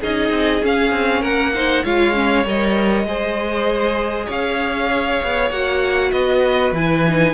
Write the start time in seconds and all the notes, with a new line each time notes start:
0.00 C#4 D#4 G#4 D#5
0.30 C4
0.62 C#4 F5
0.92 C4
1.21 A#3 A#4 F#5
1.54 D#4 C5
1.83 G#3 F4 C#5 F5
2.14 C#4
2.45 G3 A#4 D#5
3.04 G#3 G#4 C5
4.26 C#4 C#5 F5
5.23 B3
5.50 A#3 F#4 F#5
6.11 B3 B4 D#5
6.72 E3 E4 G#5
7.08 D#4